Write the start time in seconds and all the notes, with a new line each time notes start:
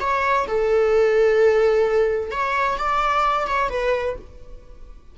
0.00 C#5
0.47 A4
2.31 C#5
2.78 D5
3.47 C#5
3.69 B4